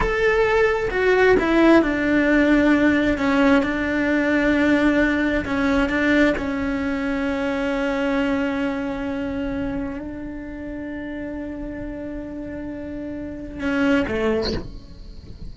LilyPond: \new Staff \with { instrumentName = "cello" } { \time 4/4 \tempo 4 = 132 a'2 fis'4 e'4 | d'2. cis'4 | d'1 | cis'4 d'4 cis'2~ |
cis'1~ | cis'2 d'2~ | d'1~ | d'2 cis'4 a4 | }